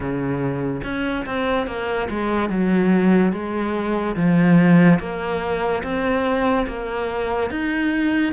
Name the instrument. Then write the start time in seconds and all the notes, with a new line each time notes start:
cello
0.00 C#3
0.83 C#4
1.25 C4
1.66 A#3
2.10 G#3
2.49 F#3
3.32 G#3
4.16 F3
4.99 A#3
5.83 C4
6.67 A#3
7.50 D#4